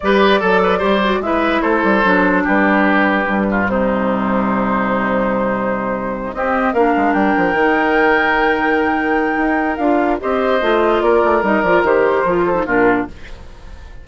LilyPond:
<<
  \new Staff \with { instrumentName = "flute" } { \time 4/4 \tempo 4 = 147 d''2. e''4 | c''2 b'2~ | b'4 c''2.~ | c''2.~ c''8 dis''8~ |
dis''8 f''4 g''2~ g''8~ | g''1 | f''4 dis''2 d''4 | dis''8 d''8 c''2 ais'4 | }
  \new Staff \with { instrumentName = "oboe" } { \time 4/4 b'4 a'8 b'8 c''4 b'4 | a'2 g'2~ | g'8 f'8 dis'2.~ | dis'2.~ dis'8 g'8~ |
g'8 ais'2.~ ais'8~ | ais'1~ | ais'4 c''2 ais'4~ | ais'2~ ais'8 a'8 f'4 | }
  \new Staff \with { instrumentName = "clarinet" } { \time 4/4 g'4 a'4 g'8 fis'8 e'4~ | e'4 d'2. | g1~ | g2.~ g8 c'8~ |
c'8 d'2 dis'4.~ | dis'1 | f'4 g'4 f'2 | dis'8 f'8 g'4 f'8. dis'16 d'4 | }
  \new Staff \with { instrumentName = "bassoon" } { \time 4/4 g4 fis4 g4 gis4 | a8 g8 fis4 g2 | g,4 c2.~ | c2.~ c8 c'8~ |
c'8 ais8 gis8 g8 f8 dis4.~ | dis2. dis'4 | d'4 c'4 a4 ais8 a8 | g8 f8 dis4 f4 ais,4 | }
>>